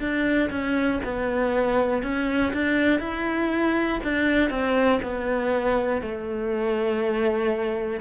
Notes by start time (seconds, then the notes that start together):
0.00 D4
0.50 C#4
1.04 B3
2.03 C#4
2.53 D4
3.00 E4
4.04 D4
4.50 C4
5.03 B3
6.02 A3